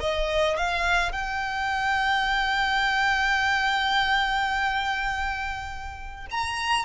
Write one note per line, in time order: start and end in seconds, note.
0.00 0.57 D#5
0.57 1.12 F5
1.12 6.26 G5
6.31 6.85 A#5